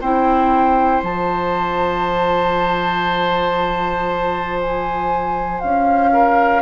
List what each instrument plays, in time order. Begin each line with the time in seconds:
0.00 bassoon C4, clarinet E4, oboe C5, flute G5
1.02 bassoon F3, clarinet F4, flute A5
4.60 flute G#5
5.59 bassoon C#4, flute F5
6.12 oboe A#4